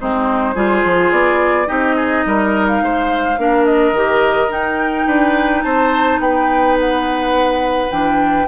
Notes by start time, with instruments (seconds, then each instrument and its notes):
0.00 bassoon G#3, clarinet C4, oboe D#4, flute C5
0.55 bassoon G3, clarinet F4, oboe G#4
0.84 bassoon F3
1.11 bassoon B3, flute D5
1.66 bassoon C4, clarinet D#4, oboe G4, flute D#5
1.96 oboe G#4
2.26 bassoon G3, oboe A#4
2.68 flute F5
2.82 bassoon G#3, oboe C5
3.38 bassoon A#3, clarinet D4, oboe A#4
3.66 flute D#5
3.92 bassoon D#3, clarinet G4
4.49 bassoon D#4, clarinet D#4, flute G5
5.07 bassoon D4, oboe B4
5.63 bassoon C4, oboe C5, flute A5
6.19 bassoon B3, oboe B4, flute G5
6.80 flute F#5
7.91 bassoon E3, clarinet D4, flute G5